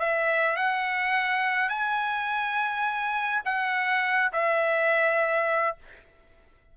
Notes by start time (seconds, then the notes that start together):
0.00 E5
0.57 F#5
1.69 G#5
3.45 F#5
4.33 E5